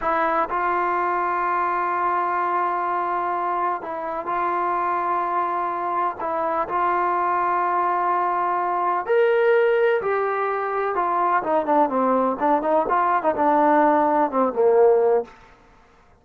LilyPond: \new Staff \with { instrumentName = "trombone" } { \time 4/4 \tempo 4 = 126 e'4 f'2.~ | f'1 | e'4 f'2.~ | f'4 e'4 f'2~ |
f'2. ais'4~ | ais'4 g'2 f'4 | dis'8 d'8 c'4 d'8 dis'8 f'8. dis'16 | d'2 c'8 ais4. | }